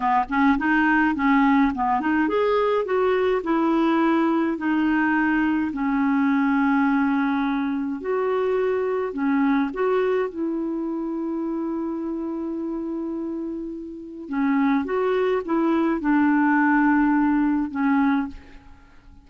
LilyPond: \new Staff \with { instrumentName = "clarinet" } { \time 4/4 \tempo 4 = 105 b8 cis'8 dis'4 cis'4 b8 dis'8 | gis'4 fis'4 e'2 | dis'2 cis'2~ | cis'2 fis'2 |
cis'4 fis'4 e'2~ | e'1~ | e'4 cis'4 fis'4 e'4 | d'2. cis'4 | }